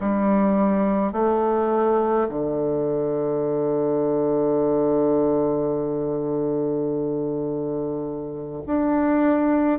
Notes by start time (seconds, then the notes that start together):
0.00 G3
1.12 A3
2.29 D3
8.66 D4